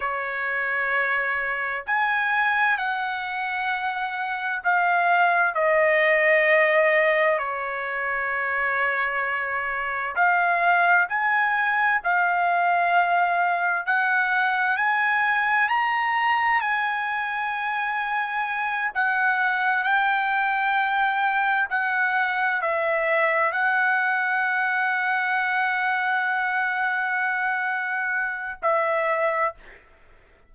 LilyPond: \new Staff \with { instrumentName = "trumpet" } { \time 4/4 \tempo 4 = 65 cis''2 gis''4 fis''4~ | fis''4 f''4 dis''2 | cis''2. f''4 | gis''4 f''2 fis''4 |
gis''4 ais''4 gis''2~ | gis''8 fis''4 g''2 fis''8~ | fis''8 e''4 fis''2~ fis''8~ | fis''2. e''4 | }